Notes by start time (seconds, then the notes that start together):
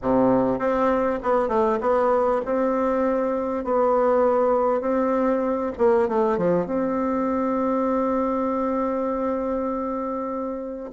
0.02 C3
0.58 C4
1.23 B3
1.48 A3
1.80 B3
2.45 C4
3.64 B3
4.80 C4
5.78 A#3
6.08 A3
6.37 F3
6.66 C4